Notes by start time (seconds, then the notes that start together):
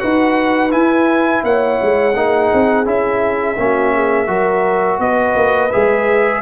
0.00 D#4 F#4 B4 F#5
0.71 E4 G#5
1.44 A#3 C#5 F#5
1.82 G#3
2.16 A#3 D#4 G#4
2.54 C4
2.85 C#4 E4 E5
3.58 A#3 C#4 F#4
3.94 G#4
4.27 F#3 F#4 A#4
4.99 B3 B4 D#5
5.36 A#3
5.72 G#3 G#4 E5